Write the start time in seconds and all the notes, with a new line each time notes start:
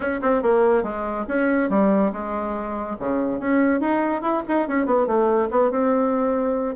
0.00 C#4
0.21 C4
0.42 A#3
0.83 G#3
1.28 C#4
1.69 G3
2.12 G#3
2.99 C#3
3.39 C#4
3.80 D#4
4.21 E4
4.48 D#4
4.68 C#4
4.86 B3
5.06 A3
5.50 B3
5.71 C4